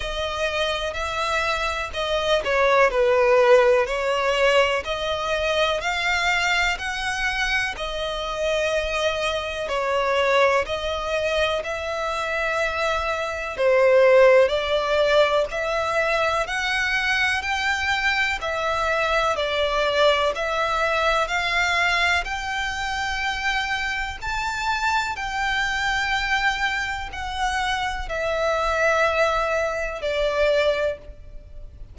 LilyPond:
\new Staff \with { instrumentName = "violin" } { \time 4/4 \tempo 4 = 62 dis''4 e''4 dis''8 cis''8 b'4 | cis''4 dis''4 f''4 fis''4 | dis''2 cis''4 dis''4 | e''2 c''4 d''4 |
e''4 fis''4 g''4 e''4 | d''4 e''4 f''4 g''4~ | g''4 a''4 g''2 | fis''4 e''2 d''4 | }